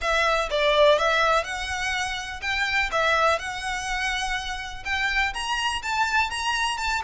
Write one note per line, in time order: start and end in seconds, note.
0.01 0.49 E5
0.50 0.98 D5
0.98 1.44 E5
1.44 2.40 F#5
2.41 2.90 G5
2.91 3.38 E5
3.38 4.83 F#5
4.85 5.33 G5
5.33 5.82 A#5
5.82 6.30 A5
6.30 6.77 A#5
6.77 7.01 A5